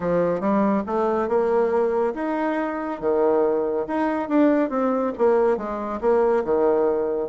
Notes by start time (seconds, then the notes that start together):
0.00 F3
0.40 G3
0.86 A3
1.28 A#3
2.14 D#4
3.00 D#3
3.87 D#4
4.28 D4
4.69 C4
5.17 A#3
5.57 G#3
6.01 A#3
6.44 D#3